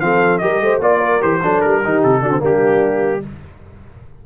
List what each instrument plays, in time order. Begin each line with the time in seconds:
0.00 tuba F3, trombone C4, horn A4, trumpet F5
0.38 tuba G3, trombone G4, horn A#4, trumpet D#5
0.61 tuba A3, horn C5
0.80 tuba A#3, trombone F4, horn D5, trumpet D5
0.99 horn A#4
1.21 tuba E3, trombone G4, trumpet C5
1.41 tuba F#3, trombone D4, horn A4
1.61 tuba G3, trumpet A#4
1.84 tuba D#3, trombone D#4, horn G4
2.03 tuba C3, trumpet A4
2.22 tuba D3, trombone D4, horn F#4
2.31 trombone C4
2.39 tuba G3, trombone A#3, horn D4, trumpet G4